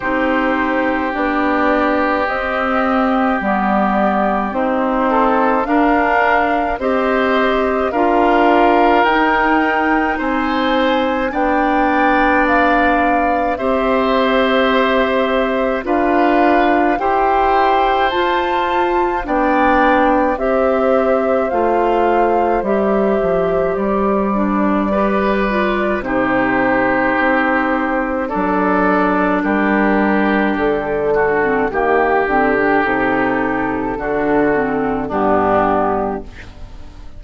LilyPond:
<<
  \new Staff \with { instrumentName = "flute" } { \time 4/4 \tempo 4 = 53 c''4 d''4 dis''4 d''4 | c''4 f''4 dis''4 f''4 | g''4 gis''4 g''4 f''4 | e''2 f''4 g''4 |
a''4 g''4 e''4 f''4 | e''4 d''2 c''4~ | c''4 d''4 ais'4 a'4 | g'4 a'2 g'4 | }
  \new Staff \with { instrumentName = "oboe" } { \time 4/4 g'1~ | g'8 a'8 ais'4 c''4 ais'4~ | ais'4 c''4 d''2 | c''2 b'4 c''4~ |
c''4 d''4 c''2~ | c''2 b'4 g'4~ | g'4 a'4 g'4. fis'8 | g'2 fis'4 d'4 | }
  \new Staff \with { instrumentName = "clarinet" } { \time 4/4 dis'4 d'4 c'4 b4 | c'4 d'4 g'4 f'4 | dis'2 d'2 | g'2 f'4 g'4 |
f'4 d'4 g'4 f'4 | g'4. d'8 g'8 f'8 dis'4~ | dis'4 d'2~ d'8. c'16 | ais8 c'16 d'16 dis'4 d'8 c'8 b4 | }
  \new Staff \with { instrumentName = "bassoon" } { \time 4/4 c'4 b4 c'4 g4 | dis'4 d'4 c'4 d'4 | dis'4 c'4 b2 | c'2 d'4 e'4 |
f'4 b4 c'4 a4 | g8 f8 g2 c4 | c'4 fis4 g4 d4 | dis8 d8 c4 d4 g,4 | }
>>